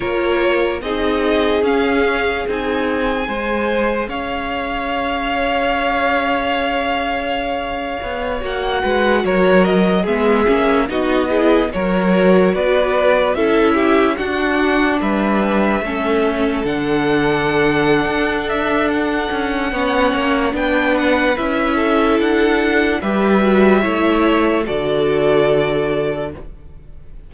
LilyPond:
<<
  \new Staff \with { instrumentName = "violin" } { \time 4/4 \tempo 4 = 73 cis''4 dis''4 f''4 gis''4~ | gis''4 f''2.~ | f''2~ f''16 fis''4 cis''8 dis''16~ | dis''16 e''4 dis''4 cis''4 d''8.~ |
d''16 e''4 fis''4 e''4.~ e''16~ | e''16 fis''2~ fis''16 e''8 fis''4~ | fis''4 g''8 fis''8 e''4 fis''4 | e''2 d''2 | }
  \new Staff \with { instrumentName = "violin" } { \time 4/4 ais'4 gis'2. | c''4 cis''2.~ | cis''2~ cis''8. b'8 ais'8.~ | ais'16 gis'4 fis'8 gis'8 ais'4 b'8.~ |
b'16 a'8 g'8 fis'4 b'4 a'8.~ | a'1 | cis''4 b'4. a'4. | b'4 cis''4 a'2 | }
  \new Staff \with { instrumentName = "viola" } { \time 4/4 f'4 dis'4 cis'4 dis'4 | gis'1~ | gis'2~ gis'16 fis'4.~ fis'16~ | fis'16 b8 cis'8 dis'8 e'8 fis'4.~ fis'16~ |
fis'16 e'4 d'2 cis'8.~ | cis'16 d'2.~ d'8. | cis'4 d'4 e'2 | g'8 fis'8 e'4 fis'2 | }
  \new Staff \with { instrumentName = "cello" } { \time 4/4 ais4 c'4 cis'4 c'4 | gis4 cis'2.~ | cis'4.~ cis'16 b8 ais8 gis8 fis8.~ | fis16 gis8 ais8 b4 fis4 b8.~ |
b16 cis'4 d'4 g4 a8.~ | a16 d4.~ d16 d'4. cis'8 | b8 ais8 b4 cis'4 d'4 | g4 a4 d2 | }
>>